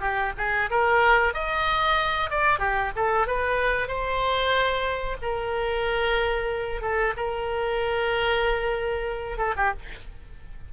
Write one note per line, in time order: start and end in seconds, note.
0.00 0.32 G4
0.38 0.70 G#4
0.70 1.33 A#4
1.33 2.30 D#5
2.30 2.59 D5
2.59 2.91 G4
2.96 3.27 A4
3.27 3.88 B4
3.88 5.17 C5
5.22 6.81 A#4
6.81 7.13 A4
7.17 9.38 A#4
9.38 9.54 A4
9.57 9.73 G4